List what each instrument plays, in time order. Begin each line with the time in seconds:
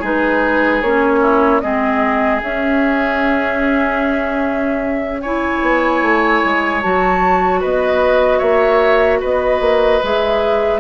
0.00 bassoon G#3, clarinet D#4, oboe G#4, flute B4
0.82 bassoon A#3, clarinet C#4, flute C#5
1.22 oboe E4
1.61 bassoon G#3, clarinet C4, oboe G#4, flute D#5
2.42 bassoon C#4, clarinet C#4, flute E5
5.21 clarinet E4, oboe C#5, flute G#5
5.62 bassoon B3
6.02 bassoon A3
6.45 bassoon G#3
6.82 bassoon F#3, clarinet F#4, flute A5
7.61 bassoon B3, oboe B4, flute D#5
8.39 bassoon A#3, oboe C#5, flute E5
9.21 bassoon B3, oboe B4, flute D#5
9.61 bassoon A#3
10.03 bassoon G#3, clarinet G#4, flute E5